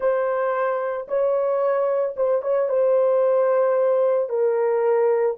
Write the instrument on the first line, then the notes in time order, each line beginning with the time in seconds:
horn
0.00 C5
1.08 C#5
2.16 C5
2.42 C#5
2.68 C5
4.29 A#4